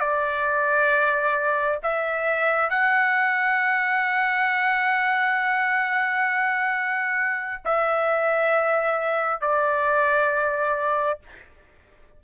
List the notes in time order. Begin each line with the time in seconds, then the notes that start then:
0.00 D5
1.84 E5
2.70 F#5
7.65 E5
9.41 D5